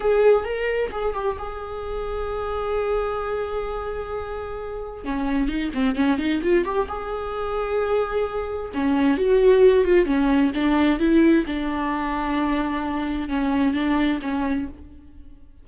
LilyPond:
\new Staff \with { instrumentName = "viola" } { \time 4/4 \tempo 4 = 131 gis'4 ais'4 gis'8 g'8 gis'4~ | gis'1~ | gis'2. cis'4 | dis'8 c'8 cis'8 dis'8 f'8 g'8 gis'4~ |
gis'2. cis'4 | fis'4. f'8 cis'4 d'4 | e'4 d'2.~ | d'4 cis'4 d'4 cis'4 | }